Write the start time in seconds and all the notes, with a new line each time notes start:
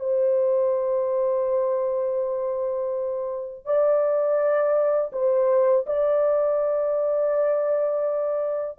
0.00 C5
3.65 D5
5.13 C5
5.86 D5